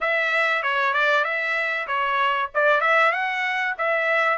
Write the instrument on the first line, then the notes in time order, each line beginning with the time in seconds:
trumpet
0.00 E5
0.62 C#5
0.93 D5
1.24 E5
1.87 C#5
2.54 D5
2.80 E5
3.12 F#5
3.78 E5